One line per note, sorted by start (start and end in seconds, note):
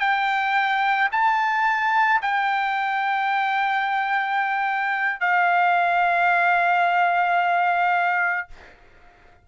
0.00 1.09 G5
1.12 2.21 A5
2.22 5.21 G5
5.21 8.48 F5